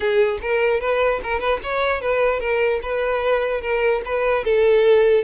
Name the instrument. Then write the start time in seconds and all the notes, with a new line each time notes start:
violin
0.00 G#4
0.41 A#4
0.80 B4
1.23 A#4
1.40 B4
1.63 C#5
2.01 B4
2.40 A#4
2.82 B4
3.61 A#4
4.05 B4
4.44 A4